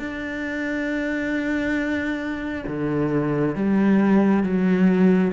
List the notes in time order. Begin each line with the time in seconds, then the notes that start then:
0.00 D4
2.68 D3
3.56 G3
4.44 F#3